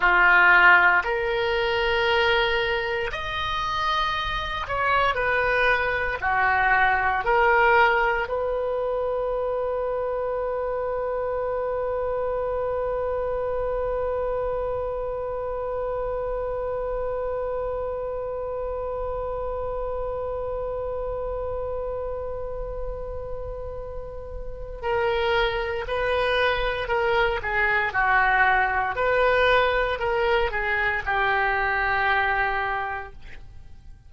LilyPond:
\new Staff \with { instrumentName = "oboe" } { \time 4/4 \tempo 4 = 58 f'4 ais'2 dis''4~ | dis''8 cis''8 b'4 fis'4 ais'4 | b'1~ | b'1~ |
b'1~ | b'1 | ais'4 b'4 ais'8 gis'8 fis'4 | b'4 ais'8 gis'8 g'2 | }